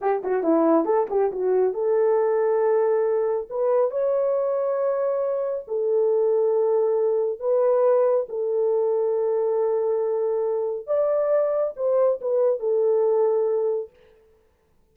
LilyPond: \new Staff \with { instrumentName = "horn" } { \time 4/4 \tempo 4 = 138 g'8 fis'8 e'4 a'8 g'8 fis'4 | a'1 | b'4 cis''2.~ | cis''4 a'2.~ |
a'4 b'2 a'4~ | a'1~ | a'4 d''2 c''4 | b'4 a'2. | }